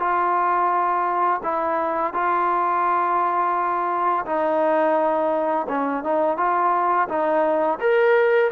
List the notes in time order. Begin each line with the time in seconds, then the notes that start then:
0.00 F4
1.43 E4
2.14 F4
4.25 D#4
5.69 C#4
6.04 D#4
6.37 F4
7.08 D#4
7.80 A#4